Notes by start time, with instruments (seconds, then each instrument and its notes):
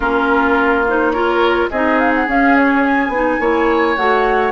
0.00 bassoon A#3, clarinet C#4, oboe F4, flute A#4
0.88 clarinet D#4, flute C5
1.11 clarinet F4, oboe A#4, flute C#5
1.70 bassoon C4, clarinet D#4, oboe G#4, flute D#5
1.98 flute F5
2.14 flute F#5
2.27 clarinet C#4, bassoon C#4, flute F5
2.56 flute C#5
2.83 flute G#5
3.08 bassoon B3, clarinet D#4
3.39 bassoon A#3, clarinet E4, oboe C#5
3.96 bassoon A3, clarinet F#4, flute F#5